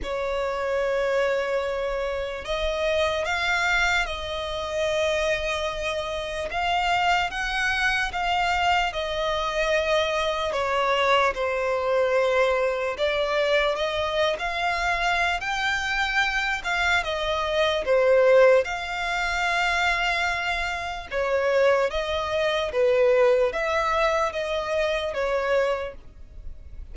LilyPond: \new Staff \with { instrumentName = "violin" } { \time 4/4 \tempo 4 = 74 cis''2. dis''4 | f''4 dis''2. | f''4 fis''4 f''4 dis''4~ | dis''4 cis''4 c''2 |
d''4 dis''8. f''4~ f''16 g''4~ | g''8 f''8 dis''4 c''4 f''4~ | f''2 cis''4 dis''4 | b'4 e''4 dis''4 cis''4 | }